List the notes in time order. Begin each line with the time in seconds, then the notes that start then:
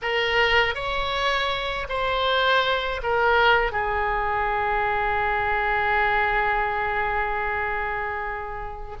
0.01 A#4
0.74 C#5
1.89 C5
3.02 A#4
3.71 G#4